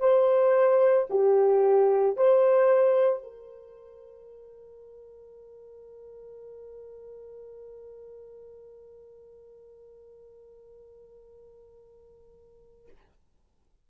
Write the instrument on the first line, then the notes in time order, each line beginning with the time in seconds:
horn
0.00 C5
1.10 G4
2.17 C5
3.23 A#4